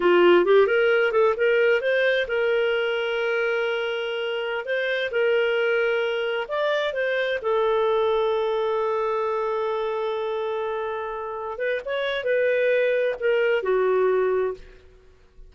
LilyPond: \new Staff \with { instrumentName = "clarinet" } { \time 4/4 \tempo 4 = 132 f'4 g'8 ais'4 a'8 ais'4 | c''4 ais'2.~ | ais'2~ ais'16 c''4 ais'8.~ | ais'2~ ais'16 d''4 c''8.~ |
c''16 a'2.~ a'8.~ | a'1~ | a'4. b'8 cis''4 b'4~ | b'4 ais'4 fis'2 | }